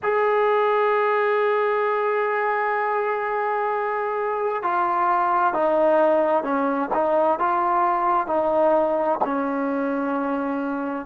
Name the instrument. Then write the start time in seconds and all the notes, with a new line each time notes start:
trombone
0.03 G#4
4.62 F4
5.53 D#4
6.43 C#4
6.93 D#4
7.39 F4
8.27 D#4
9.24 C#4